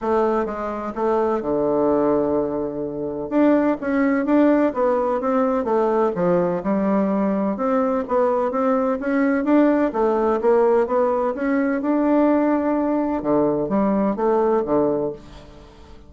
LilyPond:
\new Staff \with { instrumentName = "bassoon" } { \time 4/4 \tempo 4 = 127 a4 gis4 a4 d4~ | d2. d'4 | cis'4 d'4 b4 c'4 | a4 f4 g2 |
c'4 b4 c'4 cis'4 | d'4 a4 ais4 b4 | cis'4 d'2. | d4 g4 a4 d4 | }